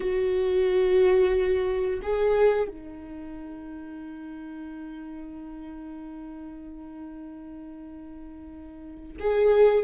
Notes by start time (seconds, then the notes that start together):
0.00 F#4
2.02 G#4
2.68 D#4
9.19 G#4